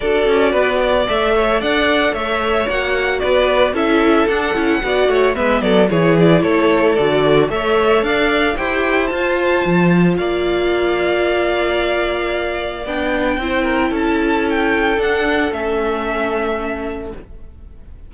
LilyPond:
<<
  \new Staff \with { instrumentName = "violin" } { \time 4/4 \tempo 4 = 112 d''2 e''4 fis''4 | e''4 fis''4 d''4 e''4 | fis''2 e''8 d''8 cis''8 d''8 | cis''4 d''4 e''4 f''4 |
g''4 a''2 f''4~ | f''1 | g''2 a''4 g''4 | fis''4 e''2. | }
  \new Staff \with { instrumentName = "violin" } { \time 4/4 a'4 b'8 d''4 cis''8 d''4 | cis''2 b'4 a'4~ | a'4 d''8 cis''8 b'8 a'8 gis'4 | a'2 cis''4 d''4 |
c''2. d''4~ | d''1~ | d''4 c''8 ais'8 a'2~ | a'1 | }
  \new Staff \with { instrumentName = "viola" } { \time 4/4 fis'2 a'2~ | a'4 fis'2 e'4 | d'8 e'8 fis'4 b4 e'4~ | e'4 fis'4 a'2 |
g'4 f'2.~ | f'1 | d'4 e'2. | d'4 cis'2. | }
  \new Staff \with { instrumentName = "cello" } { \time 4/4 d'8 cis'8 b4 a4 d'4 | a4 ais4 b4 cis'4 | d'8 cis'8 b8 a8 gis8 fis8 e4 | a4 d4 a4 d'4 |
e'4 f'4 f4 ais4~ | ais1 | b4 c'4 cis'2 | d'4 a2. | }
>>